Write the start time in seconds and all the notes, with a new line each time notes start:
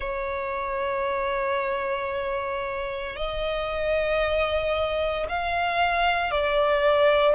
0.00 C#5
3.16 D#5
5.28 F5
6.31 D5